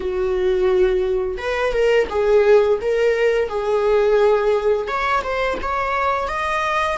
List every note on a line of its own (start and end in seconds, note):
0.00 1.37 F#4
1.37 1.72 B4
1.73 2.07 A#4
2.09 2.79 G#4
2.81 3.48 A#4
3.48 4.87 G#4
4.87 5.22 C#5
5.23 5.58 C5
5.62 6.28 C#5
6.28 6.97 D#5